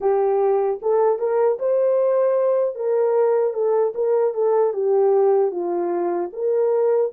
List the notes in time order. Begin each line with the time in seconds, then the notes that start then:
0.00 G4
0.81 A4
1.18 A#4
1.59 C5
2.75 A#4
3.53 A4
3.94 A#4
4.33 A4
4.73 G4
5.51 F4
6.33 A#4